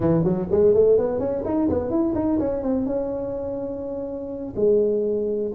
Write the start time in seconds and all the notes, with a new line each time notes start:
0.00 E3
0.24 F#3
0.51 G#3
0.74 A3
0.98 B3
1.19 C#4
1.44 D#4
1.69 B3
1.90 E4
2.14 D#4
2.39 C#4
2.62 C4
2.86 C#4
4.56 G#3